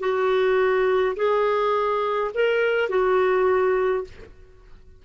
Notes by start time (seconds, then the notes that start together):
0.00 F#4
1.16 G#4
2.35 A#4
2.90 F#4